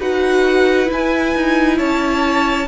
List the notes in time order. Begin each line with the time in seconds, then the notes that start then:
0.00 D#4 F#4 B4 F#5
0.86 E4
0.92 G#5
1.35 D#4
1.78 C#4 C#5 A5